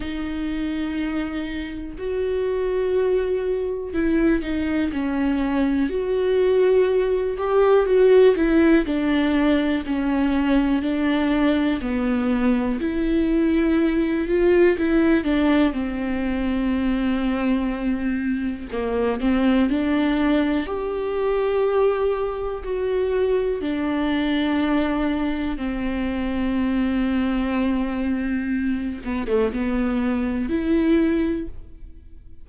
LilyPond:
\new Staff \with { instrumentName = "viola" } { \time 4/4 \tempo 4 = 61 dis'2 fis'2 | e'8 dis'8 cis'4 fis'4. g'8 | fis'8 e'8 d'4 cis'4 d'4 | b4 e'4. f'8 e'8 d'8 |
c'2. ais8 c'8 | d'4 g'2 fis'4 | d'2 c'2~ | c'4. b16 a16 b4 e'4 | }